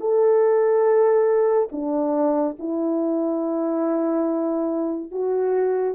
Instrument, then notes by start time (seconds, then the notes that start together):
horn
0.00 A4
1.72 D4
2.59 E4
5.11 F#4